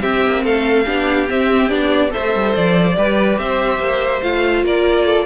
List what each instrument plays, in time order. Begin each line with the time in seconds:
0.00 viola C4, cello C4, violin G4 E5
0.26 cello A#3
0.44 cello A3, violin A4 F5
0.85 cello B3, viola D4, violin G4
1.30 viola C4, cello C4, violin E5
1.69 cello B3, viola D4, violin D5
2.10 viola A4, violin C5 E5
2.17 cello A3
2.35 cello G3
2.55 cello F3, violin D5
2.97 cello G3, viola G4, violin B4
3.39 cello C4, violin C5 E5
3.79 cello A#3
4.22 cello A3, viola F4, violin F5
4.64 cello A#3, violin A#4 D5
5.05 violin A4